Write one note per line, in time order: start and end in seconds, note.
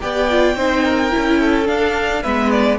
0.00 0.55 B3
0.00 0.28 G4
0.00 0.56 D5
0.00 1.67 G5
0.29 0.56 F4
0.55 1.11 C4
0.55 1.10 D#4
0.55 0.84 C5
0.84 1.39 A#4
1.10 1.69 C#4
1.10 1.65 E4
1.39 2.22 A4
1.65 2.21 D4
1.65 2.24 D4
1.65 2.22 F5
2.22 2.79 G#3
2.22 2.79 B3
2.22 2.78 B4
2.22 2.50 E5
2.50 2.78 D5